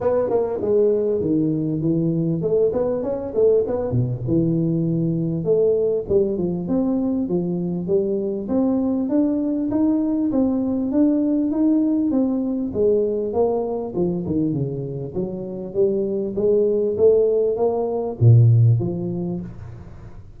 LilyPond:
\new Staff \with { instrumentName = "tuba" } { \time 4/4 \tempo 4 = 99 b8 ais8 gis4 dis4 e4 | a8 b8 cis'8 a8 b8 b,8 e4~ | e4 a4 g8 f8 c'4 | f4 g4 c'4 d'4 |
dis'4 c'4 d'4 dis'4 | c'4 gis4 ais4 f8 dis8 | cis4 fis4 g4 gis4 | a4 ais4 ais,4 f4 | }